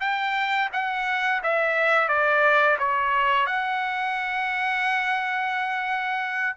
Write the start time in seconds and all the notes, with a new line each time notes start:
0.00 G5
0.72 F#5
1.43 E5
2.08 D5
2.79 C#5
3.46 F#5